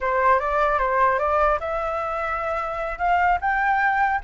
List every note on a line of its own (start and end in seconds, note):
0.00 0.39 C5
0.39 0.78 D5
0.78 1.18 C5
1.19 1.59 D5
1.60 2.98 E5
2.98 3.38 F5
3.40 4.20 G5